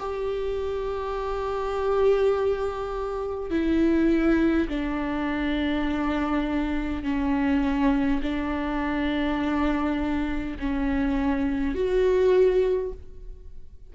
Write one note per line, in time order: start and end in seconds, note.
0.00 3.51 G4
3.51 4.68 E4
4.69 7.04 D4
7.04 8.21 C#4
8.23 10.58 D4
10.60 11.75 C#4
11.75 12.93 F#4